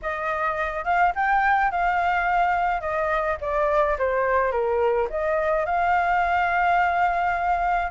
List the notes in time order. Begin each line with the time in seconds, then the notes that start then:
0.02 D#5
0.84 F5
1.15 G5
1.71 F5
2.80 D#5
3.40 D5
3.98 C5
4.51 A#4
5.09 D#5
5.65 F5